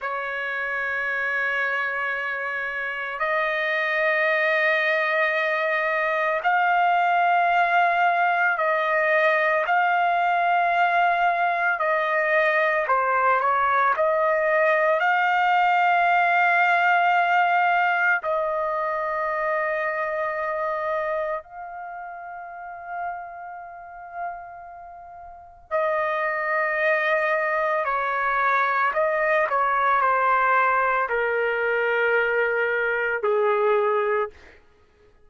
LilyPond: \new Staff \with { instrumentName = "trumpet" } { \time 4/4 \tempo 4 = 56 cis''2. dis''4~ | dis''2 f''2 | dis''4 f''2 dis''4 | c''8 cis''8 dis''4 f''2~ |
f''4 dis''2. | f''1 | dis''2 cis''4 dis''8 cis''8 | c''4 ais'2 gis'4 | }